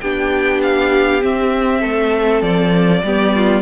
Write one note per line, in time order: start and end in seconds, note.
0.00 1.23 B3
0.00 1.20 D4
0.00 1.80 G4
0.00 0.61 G5
0.62 1.23 F5
1.20 3.02 C4
1.20 1.83 C4
1.20 2.42 E5
1.80 2.42 A3
1.80 3.01 A4
2.42 3.02 F3
2.42 3.62 D5
3.02 3.62 G3
3.02 3.62 B3
3.02 3.35 G4
3.35 3.62 F4